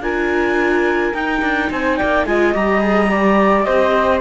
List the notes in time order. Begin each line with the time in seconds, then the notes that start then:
0.00 D4 F4 A#4 G#5
1.13 D#4 G5
1.41 D4
1.70 C4 C5 G#5
1.96 A#3 D5 G5
2.25 G#3 F4 D#5 G#5
2.53 G3 G4 A#5
2.80 G#4
3.11 G4 D5
3.62 C4 C5 D#5